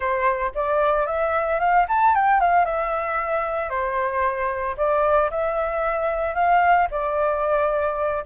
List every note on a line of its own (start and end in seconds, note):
0.00 0.52 C5
0.54 1.06 D5
1.06 1.59 E5
1.59 1.86 F5
1.88 2.15 A5
2.15 2.40 G5
2.40 2.65 F5
2.65 3.69 E5
3.69 4.75 C5
4.77 5.30 D5
5.30 6.34 E5
6.34 6.87 F5
6.91 8.23 D5